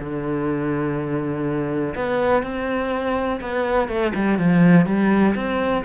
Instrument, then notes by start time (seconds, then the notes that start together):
cello
0.00 D3
1.96 B3
2.43 C4
3.41 B3
3.89 A3
4.15 G3
4.39 F3
4.86 G3
5.36 C4